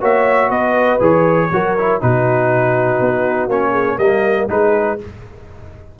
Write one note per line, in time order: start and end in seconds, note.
0.00 0.49 A#3
0.00 1.00 F#4
0.00 0.48 C#5
0.00 0.50 E5
0.48 0.99 B3
0.48 1.48 B4
0.48 1.00 D#5
1.00 1.50 E3
1.00 1.49 G#4
1.00 2.01 C#5
1.51 2.01 F#3
1.51 1.77 F#4
1.51 2.02 A#4
1.78 2.01 E4
2.01 3.00 B2
2.01 3.49 D#4
2.01 3.71 F#4
2.01 3.49 B4
3.00 3.47 B3
3.47 3.97 A#3
3.47 3.99 C#4
3.47 3.98 C#5
3.71 3.96 G#4
3.97 4.48 G3
3.97 4.48 A#3
3.97 4.46 A#4
3.97 4.47 D#5
4.47 4.98 G#3
4.47 4.98 D#4
4.47 4.97 G#4
4.47 4.99 B4